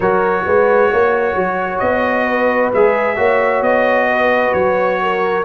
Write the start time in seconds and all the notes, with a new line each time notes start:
0.00 F#3 F#4 A#4 C#5
0.45 G#3 B4
0.90 A#3 C#5
1.35 F#3
1.79 B3 D#5
2.25 B4
2.73 G#3 G#4 E5
3.16 A#3 F#4 C#5
3.61 B3 D#5
4.11 B4
4.53 F#3 C#5
5.02 A#4